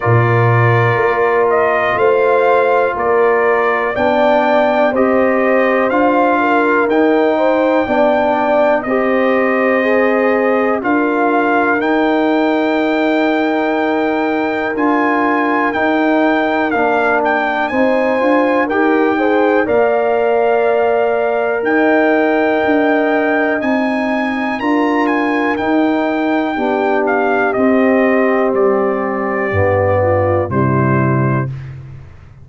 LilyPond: <<
  \new Staff \with { instrumentName = "trumpet" } { \time 4/4 \tempo 4 = 61 d''4. dis''8 f''4 d''4 | g''4 dis''4 f''4 g''4~ | g''4 dis''2 f''4 | g''2. gis''4 |
g''4 f''8 g''8 gis''4 g''4 | f''2 g''2 | gis''4 ais''8 gis''8 g''4. f''8 | dis''4 d''2 c''4 | }
  \new Staff \with { instrumentName = "horn" } { \time 4/4 ais'2 c''4 ais'4 | d''4 c''4. ais'4 c''8 | d''4 c''2 ais'4~ | ais'1~ |
ais'2 c''4 ais'8 c''8 | d''2 dis''2~ | dis''4 ais'2 g'4~ | g'2~ g'8 f'8 e'4 | }
  \new Staff \with { instrumentName = "trombone" } { \time 4/4 f'1 | d'4 g'4 f'4 dis'4 | d'4 g'4 gis'4 f'4 | dis'2. f'4 |
dis'4 d'4 dis'8 f'8 g'8 gis'8 | ais'1 | dis'4 f'4 dis'4 d'4 | c'2 b4 g4 | }
  \new Staff \with { instrumentName = "tuba" } { \time 4/4 ais,4 ais4 a4 ais4 | b4 c'4 d'4 dis'4 | b4 c'2 d'4 | dis'2. d'4 |
dis'4 ais4 c'8 d'8 dis'4 | ais2 dis'4 d'4 | c'4 d'4 dis'4 b4 | c'4 g4 g,4 c4 | }
>>